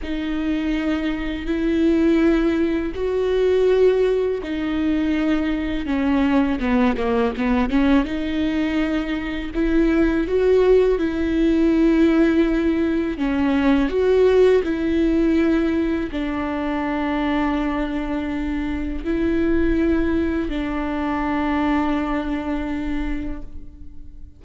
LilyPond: \new Staff \with { instrumentName = "viola" } { \time 4/4 \tempo 4 = 82 dis'2 e'2 | fis'2 dis'2 | cis'4 b8 ais8 b8 cis'8 dis'4~ | dis'4 e'4 fis'4 e'4~ |
e'2 cis'4 fis'4 | e'2 d'2~ | d'2 e'2 | d'1 | }